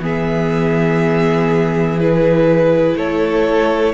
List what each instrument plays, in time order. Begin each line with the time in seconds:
0.00 cello E3, viola B3, violin G#4 E5
2.00 viola E4, violin B4
2.96 cello A3, violin A4 C#5